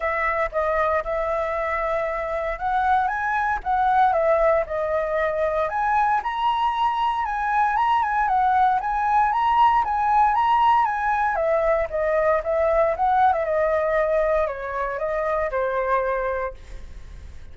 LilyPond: \new Staff \with { instrumentName = "flute" } { \time 4/4 \tempo 4 = 116 e''4 dis''4 e''2~ | e''4 fis''4 gis''4 fis''4 | e''4 dis''2 gis''4 | ais''2 gis''4 ais''8 gis''8 |
fis''4 gis''4 ais''4 gis''4 | ais''4 gis''4 e''4 dis''4 | e''4 fis''8. e''16 dis''2 | cis''4 dis''4 c''2 | }